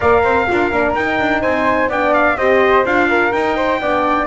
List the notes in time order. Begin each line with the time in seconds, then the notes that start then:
0.00 A#3 A#4 D5 F5
0.23 C4 C5
0.48 D4 F4 A#4
0.71 A#3 D4
0.94 D#4 G5
1.19 D4
1.41 C4 C5 G#5
1.88 B3 D4 D5 G5
2.14 F5
2.36 C4 G4 C5 D#5
2.84 D4 F4 F5
3.08 A#4
3.32 D#4 G5
3.56 C5
3.80 B3 D4 D5